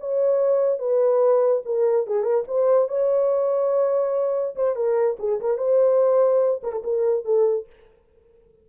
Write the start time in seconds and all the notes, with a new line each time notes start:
0.00 C#5
0.79 B4
1.65 A#4
2.07 G#4
2.23 A#4
2.47 C5
2.88 C#5
4.55 C5
4.75 A#4
5.19 G#4
5.40 A#4
5.57 C5
6.63 A#4
6.72 A4
6.84 A#4
7.25 A4